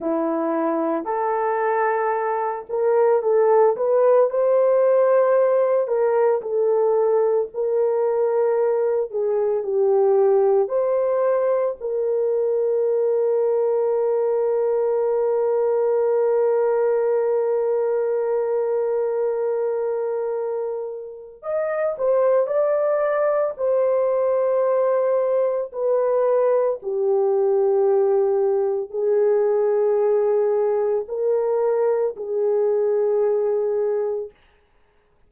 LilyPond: \new Staff \with { instrumentName = "horn" } { \time 4/4 \tempo 4 = 56 e'4 a'4. ais'8 a'8 b'8 | c''4. ais'8 a'4 ais'4~ | ais'8 gis'8 g'4 c''4 ais'4~ | ais'1~ |
ais'1 | dis''8 c''8 d''4 c''2 | b'4 g'2 gis'4~ | gis'4 ais'4 gis'2 | }